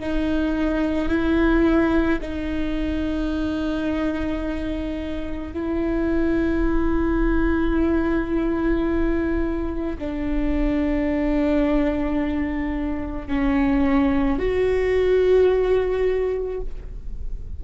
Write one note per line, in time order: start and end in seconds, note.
0.00 1.09 D#4
1.09 2.20 E4
2.21 5.54 D#4
5.54 9.98 E4
9.98 13.28 D4
13.28 14.39 C#4
14.39 16.61 F#4